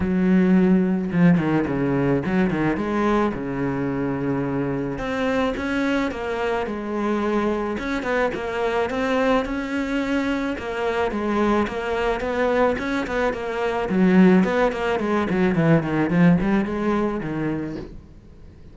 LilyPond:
\new Staff \with { instrumentName = "cello" } { \time 4/4 \tempo 4 = 108 fis2 f8 dis8 cis4 | fis8 dis8 gis4 cis2~ | cis4 c'4 cis'4 ais4 | gis2 cis'8 b8 ais4 |
c'4 cis'2 ais4 | gis4 ais4 b4 cis'8 b8 | ais4 fis4 b8 ais8 gis8 fis8 | e8 dis8 f8 g8 gis4 dis4 | }